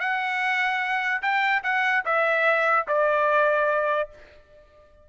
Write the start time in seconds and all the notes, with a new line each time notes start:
0.00 F#5
1.22 G5
1.63 F#5
2.05 E5
2.87 D5